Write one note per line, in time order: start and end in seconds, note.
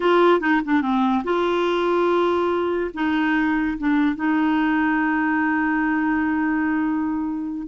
0.00 0.40 F4
0.40 0.61 D#4
0.64 0.81 D4
0.81 1.23 C4
1.24 2.90 F4
2.94 3.77 D#4
3.78 4.15 D4
4.15 7.67 D#4